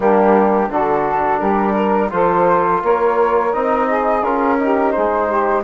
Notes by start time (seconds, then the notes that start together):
0.00 G3 A#3 D4 G4
0.69 D3 D4 F#4 A4
1.39 G3 G4 A#4
1.75 A#4
2.10 F3 F4 A4 C5
2.82 A#3 A#4 C#5
3.51 C4 D#4 D#5
3.87 G#4
4.22 C#4 F4 A#4
4.59 D#4 G4
4.91 G#3 G#4 C5
5.28 G4